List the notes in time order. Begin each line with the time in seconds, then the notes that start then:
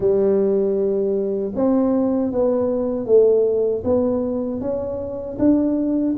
0.00 G3
1.55 C4
2.31 B3
3.06 A3
3.84 B3
4.60 C#4
5.38 D4